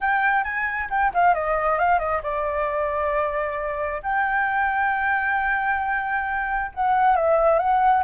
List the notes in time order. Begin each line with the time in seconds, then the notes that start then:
0.00 G5
0.44 G#5
0.90 G5
1.14 F5
1.34 D#5
1.78 F5
1.99 D#5
2.23 D5
4.03 G5
6.74 F#5
7.16 E5
7.58 F#5